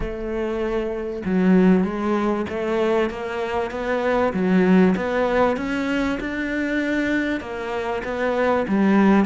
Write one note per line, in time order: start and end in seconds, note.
0.00 1.22 A3
1.25 1.84 F#3
1.84 2.45 G#3
2.49 3.10 A3
3.10 3.71 A#3
3.71 4.32 B3
4.33 4.95 F#3
4.96 5.56 B3
5.56 6.18 C#4
6.20 7.40 D4
7.40 8.02 A#3
8.04 8.65 B3
8.68 9.25 G3